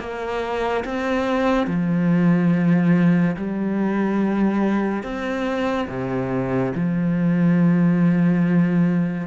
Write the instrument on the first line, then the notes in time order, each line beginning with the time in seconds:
cello
0.00 A#3
0.85 C4
1.67 F3
3.37 G3
5.04 C4
5.88 C3
6.75 F3